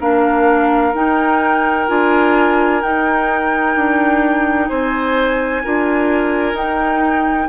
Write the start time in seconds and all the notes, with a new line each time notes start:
0.00 A#3 D4 A#4 F5
0.94 D#4 G5
1.88 D4 F4 G#5
2.83 D#4 G5
3.76 D4
4.69 C4 C5 G#5
5.64 D4 F4 A#4
6.54 D#4 G5